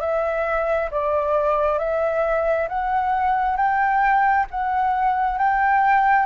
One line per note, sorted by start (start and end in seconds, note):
0.00 0.90 E5
0.91 1.78 D5
1.78 2.68 E5
2.68 3.56 F#5
3.56 4.46 G5
4.51 5.38 F#5
5.38 6.26 G5